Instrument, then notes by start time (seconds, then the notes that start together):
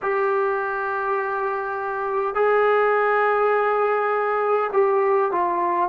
trombone
0.02 G4
2.35 G#4
4.72 G4
5.31 F4